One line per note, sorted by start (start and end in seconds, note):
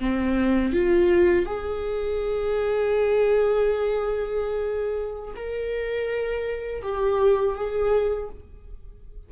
0.00 0.73 C4
0.73 1.46 F4
1.46 5.35 G#4
5.36 6.82 A#4
6.82 7.56 G4
7.56 8.30 G#4